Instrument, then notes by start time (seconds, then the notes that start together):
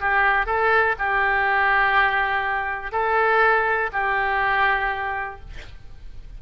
oboe
0.00 G4
0.46 A4
0.98 G4
2.92 A4
3.92 G4